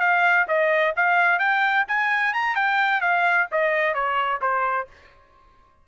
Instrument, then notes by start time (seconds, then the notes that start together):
trumpet
0.00 F5
0.48 D#5
0.96 F5
1.39 G5
1.88 G#5
2.33 A#5
2.56 G5
3.01 F5
3.52 D#5
3.94 C#5
4.42 C5